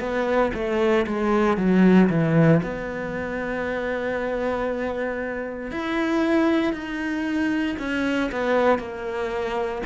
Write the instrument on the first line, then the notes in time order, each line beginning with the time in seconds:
cello
0.00 B3
0.54 A3
1.07 G#3
1.58 F#3
2.09 E3
2.63 B3
5.71 E4
6.73 D#4
7.79 C#4
8.31 B3
8.79 A#3